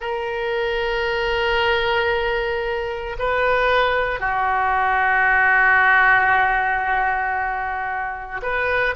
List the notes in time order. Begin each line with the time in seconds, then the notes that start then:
0.00 A#4
3.19 B4
4.20 F#4
8.42 B4